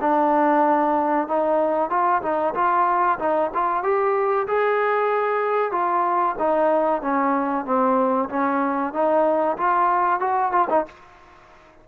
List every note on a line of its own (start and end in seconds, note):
0.00 1.27 D4
1.27 1.89 D#4
1.89 2.21 F4
2.22 2.54 D#4
2.54 3.18 F4
3.19 3.50 D#4
3.54 3.83 F4
3.83 4.47 G4
4.47 5.71 G#4
5.71 6.35 F4
6.38 7.01 D#4
7.01 7.65 C#4
7.65 8.29 C4
8.29 8.93 C#4
8.93 9.57 D#4
9.57 10.20 F4
10.20 10.51 F#4
10.51 10.67 F4
10.69 10.85 D#4